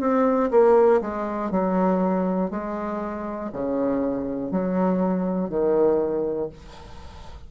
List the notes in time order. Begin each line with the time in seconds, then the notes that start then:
0.00 C4
0.50 A#3
1.01 G#3
1.51 F#3
2.50 G#3
3.53 C#3
4.51 F#3
5.49 D#3